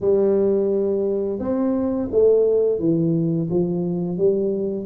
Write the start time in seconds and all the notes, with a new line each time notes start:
0.00 G3
1.39 C4
2.11 A3
2.79 E3
3.50 F3
4.17 G3